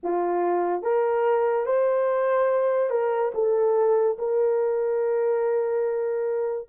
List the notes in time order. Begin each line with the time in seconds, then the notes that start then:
0.03 F4
0.82 A#4
1.66 C5
2.90 A#4
3.34 A4
4.18 A#4